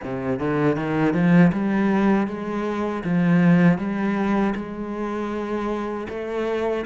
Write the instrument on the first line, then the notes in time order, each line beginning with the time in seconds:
cello
0.03 C3
0.39 D3
0.76 D#3
1.13 F3
1.52 G3
2.27 G#3
3.04 F3
3.78 G3
4.55 G#3
6.09 A3